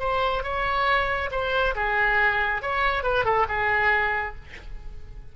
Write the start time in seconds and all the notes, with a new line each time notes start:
0.00 C5
0.43 C#5
1.32 C5
1.75 G#4
2.62 C#5
3.03 B4
3.25 A4
3.49 G#4